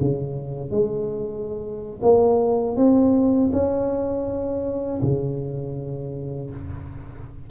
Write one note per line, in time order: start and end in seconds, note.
0.00 0.71 C#3
0.71 2.00 G#3
2.02 2.76 A#3
2.76 3.50 C4
3.52 5.00 C#4
5.02 6.50 C#3